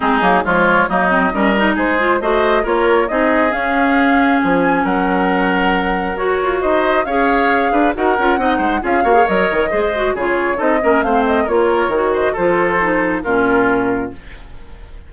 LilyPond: <<
  \new Staff \with { instrumentName = "flute" } { \time 4/4 \tempo 4 = 136 gis'4 cis''4 dis''2 | c''4 dis''4 cis''4 dis''4 | f''2 gis''4 fis''4~ | fis''2 cis''4 dis''4 |
f''2 fis''2 | f''4 dis''2 cis''4 | dis''4 f''8 dis''8 cis''4. dis''8 | c''2 ais'2 | }
  \new Staff \with { instrumentName = "oboe" } { \time 4/4 dis'4 f'4 dis'4 ais'4 | gis'4 c''4 ais'4 gis'4~ | gis'2. ais'4~ | ais'2. c''4 |
cis''4. b'8 ais'4 dis''8 c''8 | gis'8 cis''4. c''4 gis'4 | a'8 ais'8 c''4 ais'4. c''8 | a'2 f'2 | }
  \new Staff \with { instrumentName = "clarinet" } { \time 4/4 c'8 ais8 gis4 ais8 c'8 cis'8 dis'8~ | dis'8 f'8 fis'4 f'4 dis'4 | cis'1~ | cis'2 fis'2 |
gis'2 fis'8 f'8 dis'4 | f'8 fis'16 gis'16 ais'4 gis'8 fis'8 f'4 | dis'8 cis'8 c'4 f'4 fis'4 | f'4 dis'4 cis'2 | }
  \new Staff \with { instrumentName = "bassoon" } { \time 4/4 gis8 fis8 f4 fis4 g4 | gis4 a4 ais4 c'4 | cis'2 f4 fis4~ | fis2 fis'8 f'8 dis'4 |
cis'4. d'8 dis'8 cis'8 c'8 gis8 | cis'8 ais8 fis8 dis8 gis4 cis4 | c'8 ais8 a4 ais4 dis4 | f2 ais,2 | }
>>